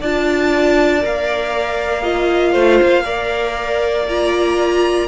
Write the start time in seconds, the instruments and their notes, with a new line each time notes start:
0.00 cello D4, viola F4, violin D5 A5
1.01 cello A#3, viola A#4, violin F5
2.02 viola F4, violin D#5
2.52 cello A3, violin C5
2.82 cello A#3
3.03 viola A#4, violin D5
4.08 viola F4, violin A#5